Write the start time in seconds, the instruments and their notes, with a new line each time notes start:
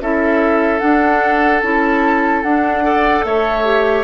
0.00 bassoon C#4, clarinet E4, oboe A4, flute E5
0.79 clarinet D4, bassoon D4, flute F#5
1.61 bassoon C#4, clarinet E4, flute A5
2.42 bassoon D4, clarinet D4, flute F#5
2.83 clarinet A4, oboe D5
3.24 bassoon A3, oboe C#5, flute E5
3.64 clarinet G4